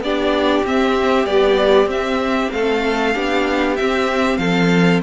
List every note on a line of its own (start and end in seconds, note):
0.00 0.62 B3
0.00 0.65 D4
0.00 2.54 G4
0.00 0.66 D5
0.64 1.27 C4
0.64 1.26 C4
0.64 1.26 E5
1.26 1.87 G3
1.26 1.86 B3
1.26 1.89 D5
1.86 2.49 C4
1.86 3.12 C4
1.86 2.52 E5
2.52 3.16 A3
2.52 3.15 A4
2.52 3.76 F5
3.15 3.78 B3
3.15 3.77 D4
3.15 4.40 G4
3.76 4.39 C4
3.76 5.03 C4
3.76 4.38 E5
4.38 5.01 F3
4.38 5.03 A4
4.38 5.00 F5